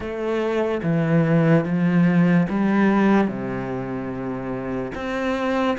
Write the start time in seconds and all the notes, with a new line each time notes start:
0.00 A3
0.83 E3
1.64 F3
2.49 G3
3.27 C3
4.95 C4